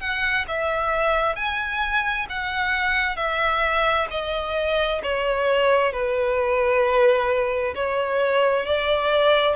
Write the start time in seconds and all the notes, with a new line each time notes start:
0.00 F#5
0.48 E5
1.36 G#5
2.29 F#5
3.16 E5
4.10 D#5
5.03 C#5
5.92 B4
7.75 C#5
8.66 D5